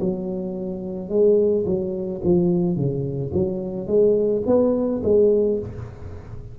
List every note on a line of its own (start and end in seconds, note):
0.00 1.09 F#3
1.09 1.64 G#3
1.65 2.21 F#3
2.24 2.76 F3
2.76 3.31 C#3
3.33 3.86 F#3
3.86 4.42 G#3
4.46 5.02 B3
5.03 5.59 G#3